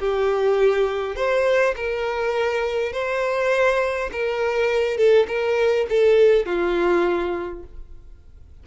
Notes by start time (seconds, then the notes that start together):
0.00 G4
1.16 C5
1.76 A#4
2.93 C5
4.13 A#4
4.98 A4
5.28 A#4
5.90 A4
6.46 F4